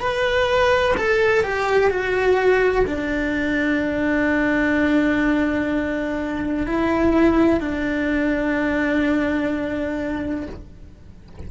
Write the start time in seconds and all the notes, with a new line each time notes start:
0.00 B4
0.97 A4
1.44 G4
1.90 F#4
2.87 D4
6.67 E4
7.61 D4